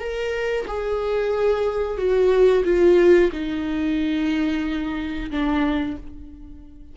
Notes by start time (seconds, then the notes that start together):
0.00 A#4
0.68 G#4
1.98 F#4
2.65 F4
3.32 D#4
5.31 D4